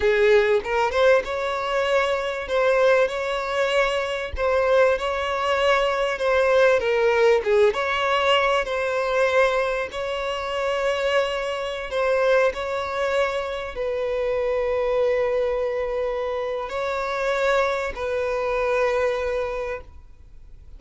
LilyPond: \new Staff \with { instrumentName = "violin" } { \time 4/4 \tempo 4 = 97 gis'4 ais'8 c''8 cis''2 | c''4 cis''2 c''4 | cis''2 c''4 ais'4 | gis'8 cis''4. c''2 |
cis''2.~ cis''16 c''8.~ | c''16 cis''2 b'4.~ b'16~ | b'2. cis''4~ | cis''4 b'2. | }